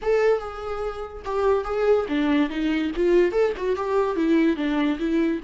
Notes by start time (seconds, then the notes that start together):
0.02 A4
0.39 G#4
1.25 G4
1.64 G#4
2.08 D4
2.49 D#4
2.96 F4
3.31 A4
3.56 F#4
3.76 G4
4.16 E4
4.56 D4
4.99 E4